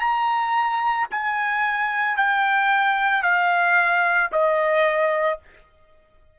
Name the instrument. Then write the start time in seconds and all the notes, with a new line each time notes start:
trumpet
0.00 A#5
1.11 G#5
2.17 G5
3.23 F5
4.32 D#5